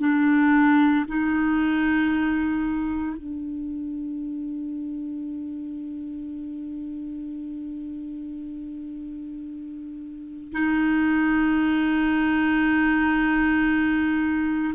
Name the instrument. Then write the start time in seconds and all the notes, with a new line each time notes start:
clarinet
0.00 D4
1.08 D#4
3.17 D4
10.53 D#4